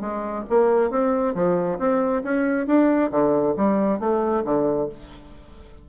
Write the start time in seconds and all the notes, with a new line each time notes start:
0.00 G#3
0.49 A#3
0.90 C4
1.34 F3
1.79 C4
2.23 C#4
2.67 D4
3.11 D3
3.57 G3
3.99 A3
4.45 D3